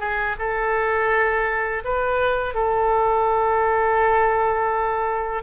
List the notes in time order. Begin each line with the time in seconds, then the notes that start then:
0.00 G#4
0.39 A4
1.84 B4
2.55 A4